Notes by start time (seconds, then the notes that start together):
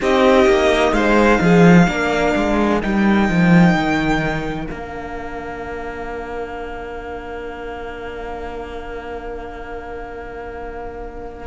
0.00 C4 D#4 G4 D#5
0.46 A#3
0.91 G#3 C5 F5
1.40 F3 G#4
1.87 A#3 D4 A#4
2.35 G#3
2.81 G3 D#4 G5
3.29 F3
3.74 D#3
4.66 A#3 D4 F5